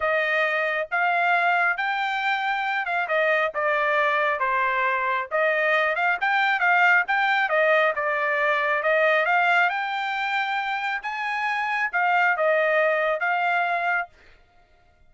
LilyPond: \new Staff \with { instrumentName = "trumpet" } { \time 4/4 \tempo 4 = 136 dis''2 f''2 | g''2~ g''8 f''8 dis''4 | d''2 c''2 | dis''4. f''8 g''4 f''4 |
g''4 dis''4 d''2 | dis''4 f''4 g''2~ | g''4 gis''2 f''4 | dis''2 f''2 | }